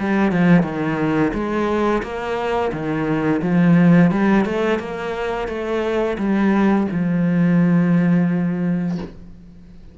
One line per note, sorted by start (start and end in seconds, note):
0.00 0.32 G3
0.32 0.63 F3
0.63 1.32 D#3
1.34 2.03 G#3
2.03 2.72 A#3
2.72 3.41 D#3
3.42 4.11 F3
4.11 4.45 G3
4.45 4.80 A3
4.80 5.48 A#3
5.48 6.17 A3
6.18 6.87 G3
6.91 8.98 F3